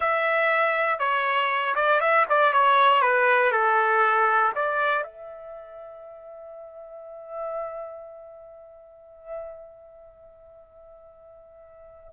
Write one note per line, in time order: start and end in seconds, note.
0.00 0.99 E5
0.99 1.74 C#5
1.75 2.00 D5
2.00 2.25 E5
2.29 2.52 D5
2.52 3.01 C#5
3.01 3.51 B4
3.51 4.52 A4
4.55 5.03 D5
5.03 12.09 E5